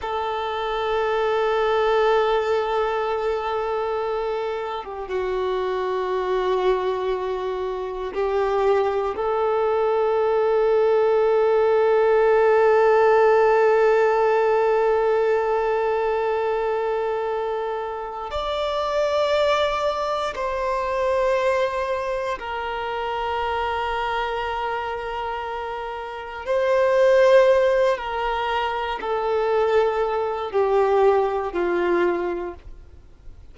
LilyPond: \new Staff \with { instrumentName = "violin" } { \time 4/4 \tempo 4 = 59 a'1~ | a'8. g'16 fis'2. | g'4 a'2.~ | a'1~ |
a'2 d''2 | c''2 ais'2~ | ais'2 c''4. ais'8~ | ais'8 a'4. g'4 f'4 | }